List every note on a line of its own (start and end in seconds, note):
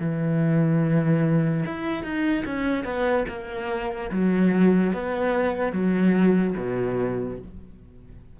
0.00 1.64 E3
1.66 2.04 E4
2.04 2.45 D#4
2.45 2.84 C#4
2.84 3.25 B3
3.28 4.11 A#3
4.11 4.94 F#3
4.94 5.72 B3
5.72 6.55 F#3
6.57 7.39 B2